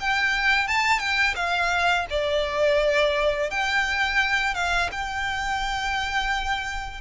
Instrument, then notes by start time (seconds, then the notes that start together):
violin
0.00 G5
0.68 A5
0.99 G5
1.36 F5
2.10 D5
3.50 G5
4.55 F5
4.92 G5